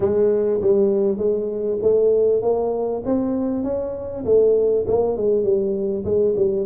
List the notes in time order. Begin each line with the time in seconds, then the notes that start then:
0.00 G#3
0.61 G3
1.17 G#3
1.82 A3
2.42 A#3
3.05 C4
3.63 C#4
4.25 A3
4.87 A#3
5.16 G#3
5.43 G3
6.04 G#3
6.36 G3